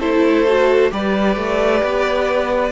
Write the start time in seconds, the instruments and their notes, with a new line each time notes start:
0.00 cello A3, viola E4, violin A4 C5
0.48 viola F#4
0.91 cello G3, viola G4, violin B4 D5
1.37 cello A3
1.84 cello B3